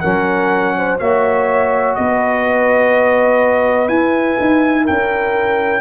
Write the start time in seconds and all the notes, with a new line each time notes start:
0.00 F#3 C#4 A#4 F#5
0.77 C5
0.99 A#3 F#4 C#5 E5
1.95 B3 B4 D#5
3.88 E4 G#5
4.40 D#4
4.84 C#4 A#4 G5